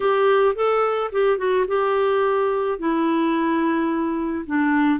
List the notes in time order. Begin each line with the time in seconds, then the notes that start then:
0.00 G4
0.55 A4
1.11 G4
1.38 F#4
1.67 G4
2.78 E4
4.46 D4